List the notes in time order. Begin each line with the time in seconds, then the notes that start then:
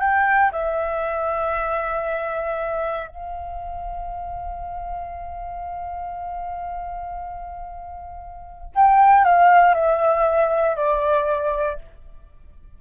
0.00 G5
0.52 E5
3.08 F5
8.76 G5
9.24 F5
9.74 E5
10.76 D5